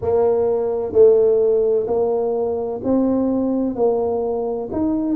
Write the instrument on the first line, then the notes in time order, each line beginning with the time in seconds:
tuba
0.01 A#3
0.92 A3
1.87 A#3
2.83 C4
3.75 A#3
4.72 D#4